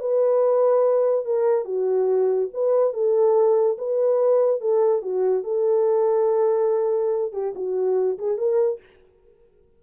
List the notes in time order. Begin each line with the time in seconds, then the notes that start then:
0.00 B4
1.25 A#4
1.65 F#4
2.54 B4
2.93 A4
3.78 B4
4.61 A4
5.02 F#4
5.43 A4
7.32 G4
7.55 F#4
8.18 G#4
8.38 A#4